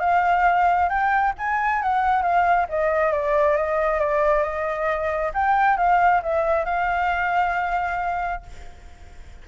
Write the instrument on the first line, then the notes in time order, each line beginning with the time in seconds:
flute
0.00 F5
0.89 G5
1.38 G#5
1.82 F#5
2.22 F5
2.69 D#5
3.12 D5
3.57 D#5
3.99 D5
4.43 D#5
5.34 G5
5.77 F5
6.22 E5
6.65 F5